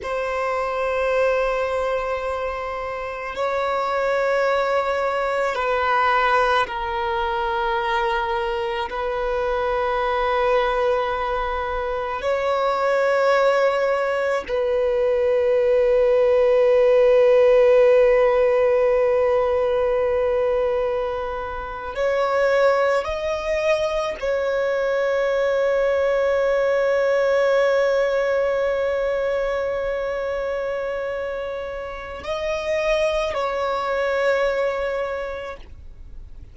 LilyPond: \new Staff \with { instrumentName = "violin" } { \time 4/4 \tempo 4 = 54 c''2. cis''4~ | cis''4 b'4 ais'2 | b'2. cis''4~ | cis''4 b'2.~ |
b'2.~ b'8. cis''16~ | cis''8. dis''4 cis''2~ cis''16~ | cis''1~ | cis''4 dis''4 cis''2 | }